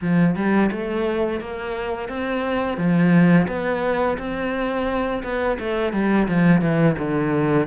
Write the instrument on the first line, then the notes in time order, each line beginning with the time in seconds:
cello
0.01 F3
0.35 G3
0.71 A3
1.40 A#3
2.08 C4
2.77 F3
3.47 B3
4.18 C4
5.23 B3
5.59 A3
5.92 G3
6.28 F3
6.61 E3
6.98 D3